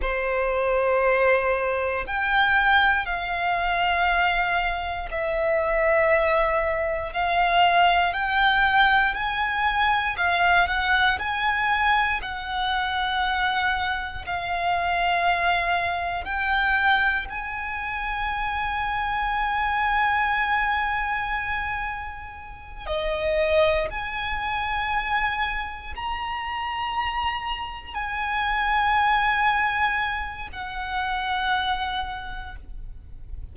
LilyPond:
\new Staff \with { instrumentName = "violin" } { \time 4/4 \tempo 4 = 59 c''2 g''4 f''4~ | f''4 e''2 f''4 | g''4 gis''4 f''8 fis''8 gis''4 | fis''2 f''2 |
g''4 gis''2.~ | gis''2~ gis''8 dis''4 gis''8~ | gis''4. ais''2 gis''8~ | gis''2 fis''2 | }